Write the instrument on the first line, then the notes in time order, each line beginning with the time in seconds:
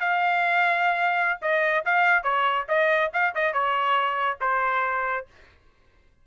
trumpet
0.00 F5
1.42 D#5
1.85 F5
2.23 C#5
2.68 D#5
3.13 F5
3.35 D#5
3.53 C#5
4.41 C5